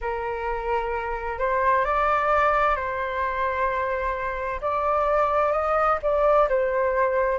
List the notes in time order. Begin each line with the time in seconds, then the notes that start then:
0.01 A#4
1.38 C5
1.84 D5
2.75 C5
4.61 D5
5.52 D#5
6.02 D5
6.48 C5